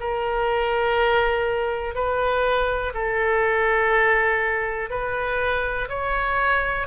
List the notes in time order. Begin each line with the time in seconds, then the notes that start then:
0.00 A#4
1.94 B4
2.94 A4
4.90 B4
5.89 C#5